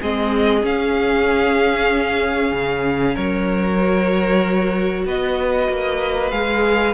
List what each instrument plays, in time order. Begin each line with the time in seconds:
0.00 cello G#3, viola C4, violin G#4 D#5
0.63 viola C#4, cello C#4, violin F5
2.52 cello C#3
3.14 cello F#3, violin A#4 C#5
3.79 viola F#4
5.06 cello B3, violin B4 D#5
5.69 cello A#3
6.31 cello G#3, viola G#4, violin F5